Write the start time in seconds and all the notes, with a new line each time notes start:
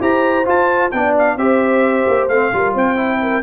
0.00 E4 G4 C5 A#5
0.45 F4 A5
0.91 B3 D4 D5 G5
1.18 F5
1.37 C4 G4 C5 E5
2.07 A#3
2.28 A3 C4 F5
2.53 G3 F4 A#4
2.74 C4 C5 G5
2.96 E4
3.22 A#4